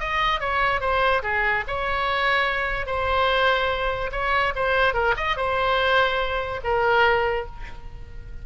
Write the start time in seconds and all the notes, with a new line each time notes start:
0.00 D#5
0.40 C#5
0.81 C5
1.23 G#4
1.68 C#5
2.86 C5
4.12 C#5
4.56 C5
4.94 A#4
5.17 D#5
5.37 C5
6.64 A#4